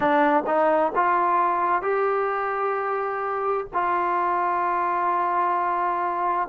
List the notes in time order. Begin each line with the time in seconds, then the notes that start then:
0.00 D4
0.46 D#4
0.95 F4
1.82 G4
3.73 F4